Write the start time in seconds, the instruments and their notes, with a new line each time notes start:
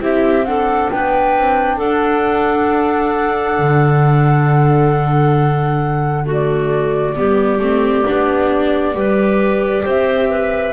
0.00 double bass C4, viola E4, clarinet G4, flute E5
0.45 viola D4, clarinet A4, flute F#5
0.90 double bass B3, clarinet B4, flute G5
1.37 double bass C4
1.77 double bass D4, clarinet A4, flute F#5
3.58 double bass D3
6.25 viola A3, clarinet F#4
6.32 flute D5
7.16 double bass G3, viola B3, clarinet G4
7.59 double bass A3, viola C4
8.07 double bass B3, viola D4
8.94 double bass G3, viola G4, clarinet B4
9.83 double bass C4, clarinet C5, flute E5
10.29 clarinet B4